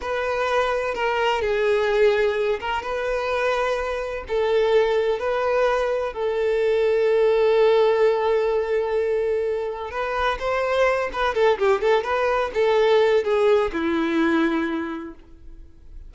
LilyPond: \new Staff \with { instrumentName = "violin" } { \time 4/4 \tempo 4 = 127 b'2 ais'4 gis'4~ | gis'4. ais'8 b'2~ | b'4 a'2 b'4~ | b'4 a'2.~ |
a'1~ | a'4 b'4 c''4. b'8 | a'8 g'8 a'8 b'4 a'4. | gis'4 e'2. | }